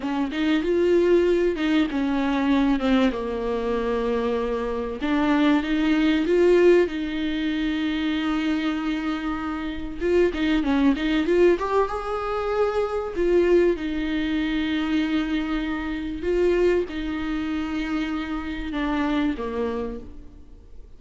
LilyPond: \new Staff \with { instrumentName = "viola" } { \time 4/4 \tempo 4 = 96 cis'8 dis'8 f'4. dis'8 cis'4~ | cis'8 c'8 ais2. | d'4 dis'4 f'4 dis'4~ | dis'1 |
f'8 dis'8 cis'8 dis'8 f'8 g'8 gis'4~ | gis'4 f'4 dis'2~ | dis'2 f'4 dis'4~ | dis'2 d'4 ais4 | }